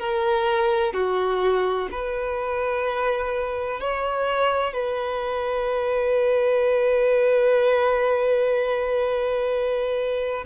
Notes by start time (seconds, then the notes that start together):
0.00 A#4
0.94 F#4
1.92 B4
3.81 C#5
4.74 B4